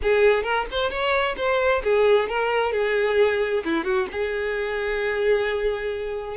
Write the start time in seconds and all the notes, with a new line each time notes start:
0.02 G#4
0.43 A#4
0.71 C5
0.90 C#5
1.37 C5
1.83 G#4
2.28 A#4
2.72 G#4
3.64 E4
3.84 F#4
4.11 G#4